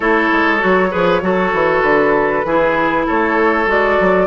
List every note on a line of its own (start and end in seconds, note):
0.00 0.30 A3
0.00 0.59 E4
0.00 0.89 A4
0.00 1.81 C#5
0.31 0.62 G#3
0.59 0.94 F#3
0.59 0.89 F#4
0.90 1.21 F3
0.90 1.21 G#4
0.90 1.21 B4
1.21 1.52 F#3
1.21 2.44 F#4
1.21 2.46 A4
1.53 1.82 E3
1.81 2.44 D3
1.81 3.04 B4
2.45 3.06 E3
2.45 3.66 E4
2.45 3.06 G#4
3.06 3.66 A3
3.06 4.27 A4
3.06 3.69 C#5
3.66 3.97 G#3
3.66 4.27 F#4
3.66 4.27 D5
3.99 4.27 F#3